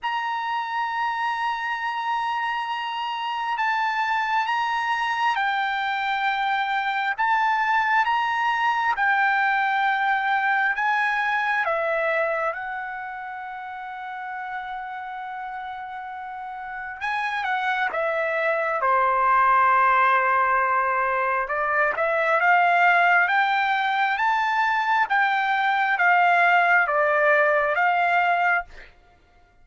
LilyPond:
\new Staff \with { instrumentName = "trumpet" } { \time 4/4 \tempo 4 = 67 ais''1 | a''4 ais''4 g''2 | a''4 ais''4 g''2 | gis''4 e''4 fis''2~ |
fis''2. gis''8 fis''8 | e''4 c''2. | d''8 e''8 f''4 g''4 a''4 | g''4 f''4 d''4 f''4 | }